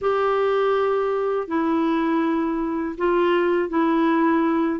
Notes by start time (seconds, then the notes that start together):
0.01 G4
1.47 E4
2.97 F4
3.69 E4